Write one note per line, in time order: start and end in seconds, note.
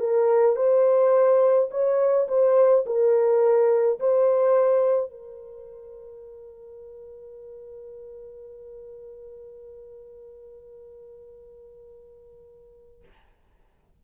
0.00 0.56 A#4
0.56 1.69 C5
1.71 2.28 C#5
2.28 2.85 C5
2.86 3.99 A#4
4.00 5.11 C5
5.11 13.03 A#4